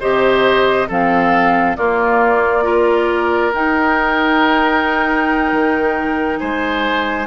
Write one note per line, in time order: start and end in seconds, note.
0.00 0.89 C3
0.00 0.88 G4
0.00 0.88 C5
0.00 0.89 D#5
0.88 1.76 F3
0.88 1.77 C4
0.88 1.76 A4
0.88 1.76 F5
1.76 3.53 A#3
1.76 2.63 A#3
1.76 2.64 F4
1.76 3.52 D5
2.63 3.51 F4
2.63 6.39 A#4
3.53 5.51 D#4
3.53 7.26 D#4
3.53 6.38 G5
5.51 6.40 D#3
6.38 7.26 G#3
6.38 7.26 C5
6.38 7.26 G#5